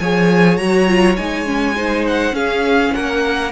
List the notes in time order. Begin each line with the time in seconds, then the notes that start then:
0.00 F3 G#4 C#5 G#5
0.57 F#3 F#4 A#5
0.87 F4
1.17 G#3 D#4 G#5
1.46 C#4
1.76 D#4 C5
2.08 F#5
2.32 C#4 G#4 F5
2.94 A#3 A#4 F#5